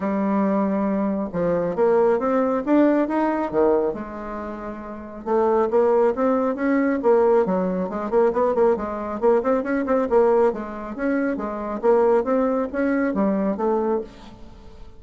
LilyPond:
\new Staff \with { instrumentName = "bassoon" } { \time 4/4 \tempo 4 = 137 g2. f4 | ais4 c'4 d'4 dis'4 | dis4 gis2. | a4 ais4 c'4 cis'4 |
ais4 fis4 gis8 ais8 b8 ais8 | gis4 ais8 c'8 cis'8 c'8 ais4 | gis4 cis'4 gis4 ais4 | c'4 cis'4 g4 a4 | }